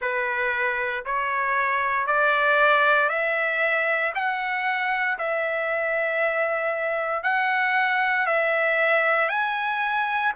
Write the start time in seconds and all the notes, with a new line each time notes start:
0.01 B4
1.05 C#5
2.06 D5
3.09 E5
4.14 F#5
5.18 E5
7.23 F#5
8.26 E5
9.28 G#5